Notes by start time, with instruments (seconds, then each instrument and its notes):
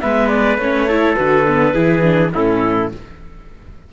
0.00 cello G#3, viola B3, trumpet B4, clarinet E5
0.28 clarinet D5
0.57 cello A3, viola C#4, clarinet C#5
0.88 viola E4, trumpet A4
1.15 cello D3, viola F#4, clarinet B4
1.47 viola B3
1.73 cello E3, viola E4, trumpet G#4
2.02 viola D4
2.34 cello A2, viola C#4, trumpet E4, clarinet A4